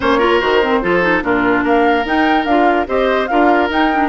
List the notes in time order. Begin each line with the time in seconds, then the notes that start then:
0.00 A#3 C#4 C5 C#5
0.18 F4 A#4
0.39 D#3 F#4 C5
0.62 C4
0.82 F3 F4 A4
1.02 D#4
1.22 A#2 D4 F4 A#4
1.63 A#3 A#4 F5
2.04 D#4 G5
2.45 D4 F4 F5
2.86 C4 G4 C5 D#5
3.27 D4 F4 A#4 F5
3.69 D#4 G5
3.92 D4